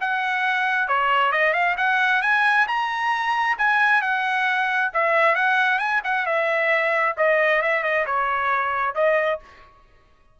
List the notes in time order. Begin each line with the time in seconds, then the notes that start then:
0.00 F#5
0.88 C#5
1.32 D#5
1.53 F5
1.77 F#5
2.22 G#5
2.67 A#5
3.58 G#5
4.01 F#5
4.93 E5
5.35 F#5
5.79 G#5
6.04 F#5
6.26 E5
7.17 D#5
7.62 E5
7.83 D#5
8.06 C#5
8.95 D#5